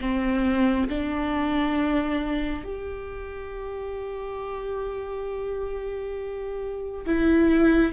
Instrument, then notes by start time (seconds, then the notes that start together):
viola
0.00 C4
0.89 D4
2.64 G4
7.06 E4